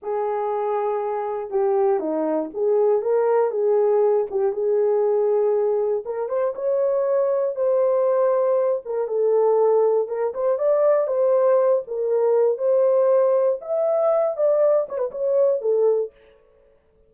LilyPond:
\new Staff \with { instrumentName = "horn" } { \time 4/4 \tempo 4 = 119 gis'2. g'4 | dis'4 gis'4 ais'4 gis'4~ | gis'8 g'8 gis'2. | ais'8 c''8 cis''2 c''4~ |
c''4. ais'8 a'2 | ais'8 c''8 d''4 c''4. ais'8~ | ais'4 c''2 e''4~ | e''8 d''4 cis''16 b'16 cis''4 a'4 | }